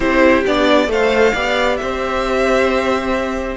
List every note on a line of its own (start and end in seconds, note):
0.00 0.44 C4
0.00 0.44 E4
0.00 0.89 G4
0.00 0.43 C5
0.46 0.87 B3
0.46 0.88 D4
0.46 0.91 D5
0.87 1.32 A3
0.87 1.33 A4
0.87 1.33 C5
0.87 1.76 F5
1.33 1.79 B3
1.33 3.56 G4
1.33 1.77 D5
1.76 3.56 C4
1.76 3.56 C5
1.76 3.56 E5